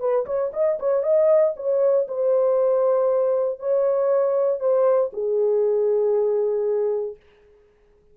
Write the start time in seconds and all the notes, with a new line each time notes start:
0.00 B4
0.26 C#5
0.53 D#5
0.79 C#5
1.03 D#5
1.56 C#5
2.08 C5
3.60 C#5
4.60 C5
5.13 G#4